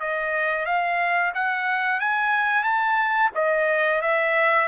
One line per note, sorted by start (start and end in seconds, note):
0.00 0.66 D#5
0.66 1.32 F5
1.35 2.00 F#5
2.00 2.64 G#5
2.64 3.31 A5
3.35 4.02 D#5
4.02 4.68 E5